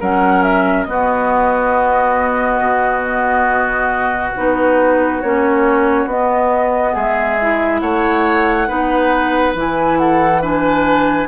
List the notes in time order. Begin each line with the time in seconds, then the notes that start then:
0.00 F#3 C#4 A#4 F#5
0.43 E5
0.84 B3 F#4 D#5
2.61 B2
4.36 B3 D#4 B4
5.21 A#3 C#4 C#5
6.06 B3 D#5
6.93 G#3 G#4 E5
7.41 E4
7.80 A3 C#5 F#5
8.68 B3 D#4 B4
9.55 E3 E4 G#5
9.99 A4 F#5
10.42 D4 B4 G#5